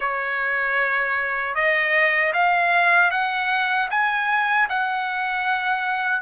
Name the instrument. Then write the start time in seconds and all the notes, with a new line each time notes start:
trumpet
0.00 C#5
1.54 D#5
2.33 F5
3.10 F#5
3.90 G#5
4.69 F#5